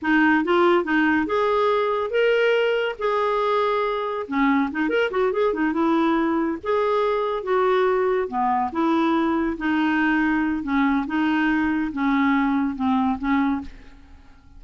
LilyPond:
\new Staff \with { instrumentName = "clarinet" } { \time 4/4 \tempo 4 = 141 dis'4 f'4 dis'4 gis'4~ | gis'4 ais'2 gis'4~ | gis'2 cis'4 dis'8 ais'8 | fis'8 gis'8 dis'8 e'2 gis'8~ |
gis'4. fis'2 b8~ | b8 e'2 dis'4.~ | dis'4 cis'4 dis'2 | cis'2 c'4 cis'4 | }